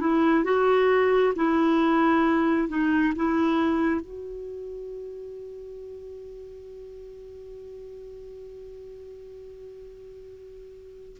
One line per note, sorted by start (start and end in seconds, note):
0.00 0.44 E4
0.44 1.34 F#4
1.36 2.69 E4
2.69 3.13 D#4
3.15 4.01 E4
4.01 11.17 F#4